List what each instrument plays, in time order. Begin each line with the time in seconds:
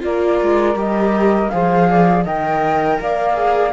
0.00 cello A#3, viola F4, saxophone A#4, flute D5
0.41 cello G#3
0.75 cello G3, viola G4, flute D#5
1.49 cello F3, viola G#4, saxophone C5, flute F5
1.89 saxophone D5
2.24 cello D#3, viola A#4, saxophone D#5, flute G5
3.00 cello A#3, saxophone D5, flute F5
3.34 viola G#4